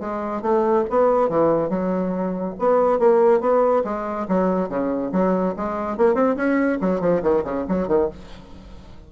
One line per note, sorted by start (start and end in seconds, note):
0.00 0.42 G#3
0.42 0.85 A3
0.90 1.30 B3
1.30 1.70 E3
1.70 2.55 F#3
2.59 2.99 B3
2.99 3.41 A#3
3.41 3.83 B3
3.85 4.27 G#3
4.29 4.69 F#3
4.69 5.12 C#3
5.13 5.55 F#3
5.57 5.98 G#3
5.98 6.15 A#3
6.15 6.36 C4
6.37 6.79 C#4
6.81 7.01 F#3
7.01 7.22 F3
7.23 7.44 D#3
7.44 7.66 C#3
7.69 7.88 F#3
7.88 8.09 D#3